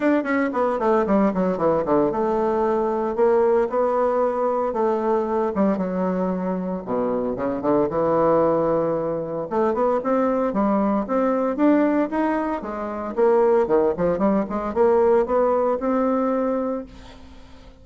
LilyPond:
\new Staff \with { instrumentName = "bassoon" } { \time 4/4 \tempo 4 = 114 d'8 cis'8 b8 a8 g8 fis8 e8 d8 | a2 ais4 b4~ | b4 a4. g8 fis4~ | fis4 b,4 cis8 d8 e4~ |
e2 a8 b8 c'4 | g4 c'4 d'4 dis'4 | gis4 ais4 dis8 f8 g8 gis8 | ais4 b4 c'2 | }